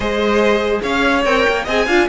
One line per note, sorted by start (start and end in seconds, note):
0.00 0.79 G#3
0.00 1.24 G#4
0.00 0.81 C5
0.00 0.82 D#5
0.82 1.25 C#4
0.82 1.64 C#5
0.82 1.24 F5
1.24 1.45 C4
1.24 1.66 A#4
1.24 1.66 G5
1.48 1.66 A#3
1.64 1.87 C4
1.64 1.88 G#4
1.64 1.85 D#5
1.64 2.08 G#5
1.86 2.08 D4
1.86 2.08 F4
1.86 2.07 F5